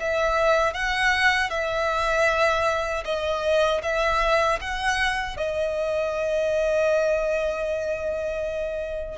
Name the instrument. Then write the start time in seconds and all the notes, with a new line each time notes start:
violin
0.00 E5
0.73 F#5
1.50 E5
3.05 D#5
3.82 E5
4.61 F#5
5.37 D#5